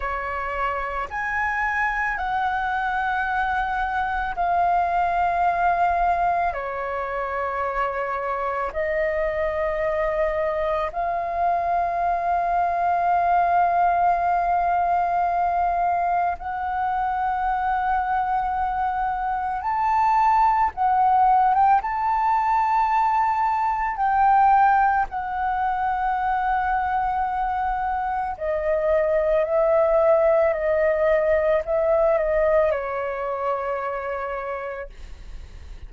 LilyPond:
\new Staff \with { instrumentName = "flute" } { \time 4/4 \tempo 4 = 55 cis''4 gis''4 fis''2 | f''2 cis''2 | dis''2 f''2~ | f''2. fis''4~ |
fis''2 a''4 fis''8. g''16 | a''2 g''4 fis''4~ | fis''2 dis''4 e''4 | dis''4 e''8 dis''8 cis''2 | }